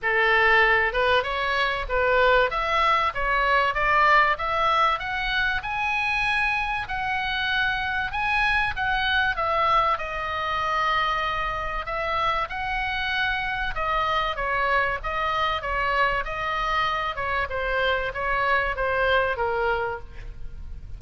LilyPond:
\new Staff \with { instrumentName = "oboe" } { \time 4/4 \tempo 4 = 96 a'4. b'8 cis''4 b'4 | e''4 cis''4 d''4 e''4 | fis''4 gis''2 fis''4~ | fis''4 gis''4 fis''4 e''4 |
dis''2. e''4 | fis''2 dis''4 cis''4 | dis''4 cis''4 dis''4. cis''8 | c''4 cis''4 c''4 ais'4 | }